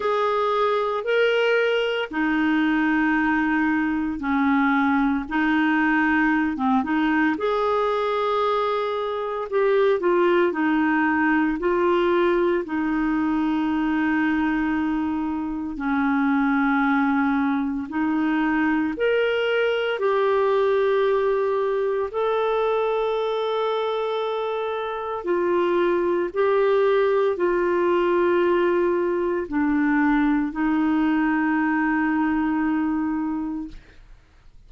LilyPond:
\new Staff \with { instrumentName = "clarinet" } { \time 4/4 \tempo 4 = 57 gis'4 ais'4 dis'2 | cis'4 dis'4~ dis'16 c'16 dis'8 gis'4~ | gis'4 g'8 f'8 dis'4 f'4 | dis'2. cis'4~ |
cis'4 dis'4 ais'4 g'4~ | g'4 a'2. | f'4 g'4 f'2 | d'4 dis'2. | }